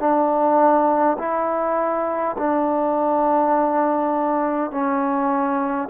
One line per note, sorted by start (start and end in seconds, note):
0.00 1.18 D4
1.19 2.37 E4
2.38 4.72 D4
4.72 5.89 C#4